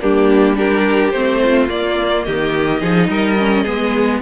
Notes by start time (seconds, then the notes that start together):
0.00 G3 A#3 D4 G4
0.55 D4 G4 A#4
1.11 A3 C4 C5
1.42 F4
1.68 A#3 D5
2.24 D#3 G4 D#5
2.80 F3 D#4 G#4
3.08 G3 A#4
3.38 C#4
3.63 G#3 B3 G#4